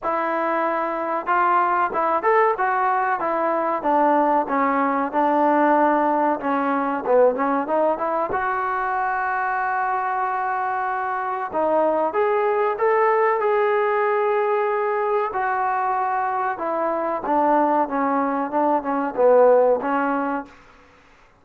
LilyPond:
\new Staff \with { instrumentName = "trombone" } { \time 4/4 \tempo 4 = 94 e'2 f'4 e'8 a'8 | fis'4 e'4 d'4 cis'4 | d'2 cis'4 b8 cis'8 | dis'8 e'8 fis'2.~ |
fis'2 dis'4 gis'4 | a'4 gis'2. | fis'2 e'4 d'4 | cis'4 d'8 cis'8 b4 cis'4 | }